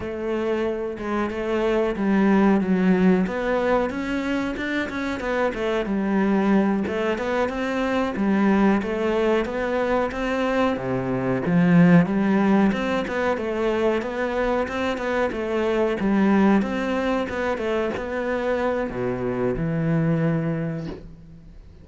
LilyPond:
\new Staff \with { instrumentName = "cello" } { \time 4/4 \tempo 4 = 92 a4. gis8 a4 g4 | fis4 b4 cis'4 d'8 cis'8 | b8 a8 g4. a8 b8 c'8~ | c'8 g4 a4 b4 c'8~ |
c'8 c4 f4 g4 c'8 | b8 a4 b4 c'8 b8 a8~ | a8 g4 c'4 b8 a8 b8~ | b4 b,4 e2 | }